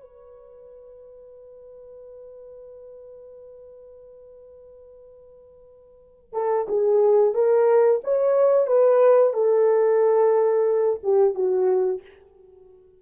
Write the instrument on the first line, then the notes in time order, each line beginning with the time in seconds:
horn
0.00 B4
6.33 A4
6.68 G#4
7.34 A#4
8.04 C#5
8.67 B4
9.33 A4
11.03 G4
11.35 F#4